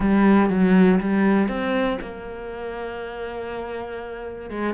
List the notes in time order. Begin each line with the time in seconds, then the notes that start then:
0.00 G3
0.49 F#3
1.00 G3
1.48 C4
2.01 A#3
4.50 G#3